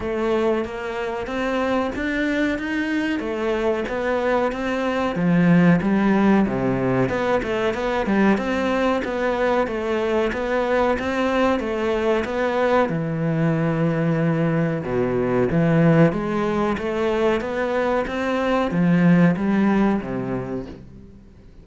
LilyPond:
\new Staff \with { instrumentName = "cello" } { \time 4/4 \tempo 4 = 93 a4 ais4 c'4 d'4 | dis'4 a4 b4 c'4 | f4 g4 c4 b8 a8 | b8 g8 c'4 b4 a4 |
b4 c'4 a4 b4 | e2. b,4 | e4 gis4 a4 b4 | c'4 f4 g4 c4 | }